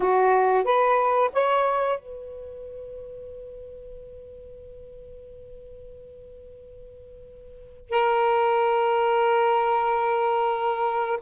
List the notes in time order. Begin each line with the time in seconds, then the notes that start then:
0.00 F#4
0.64 B4
1.33 C#5
1.99 B4
7.89 A#4